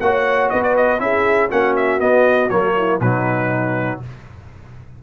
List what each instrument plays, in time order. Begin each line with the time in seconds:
0.00 tuba A#3, trombone F#4, horn C#5, trumpet F#5
0.50 tuba B3, horn B4, trumpet D#5
0.63 trumpet D5
0.76 trumpet D#5
0.99 tuba C#4, trombone E4, horn G#4, trumpet E5
1.50 tuba A#3, trombone C#4, horn F#4, trumpet F#5
1.76 trumpet E5
2.00 trombone B3, tuba B3, trumpet D#5
2.50 tuba F#3, trombone A#3, trumpet C#5
2.77 horn E4
3.00 tuba B2, trombone F#3, horn D#4, trumpet B4